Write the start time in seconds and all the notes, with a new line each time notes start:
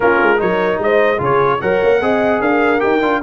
0.00 A#3 C#4 F4 A#4
0.22 G#3
0.36 F#3 D#4 A#4 C#5
0.78 G#3 D#5
0.84 C5
1.18 C#3 F4 G#4 C#5
1.60 F#3 A#4 C#5 F#5
1.83 A#3
2.01 C4 G#4 D#5
2.40 D4 A#4 F5
2.79 D#4 G4 G5
3.01 D4 F4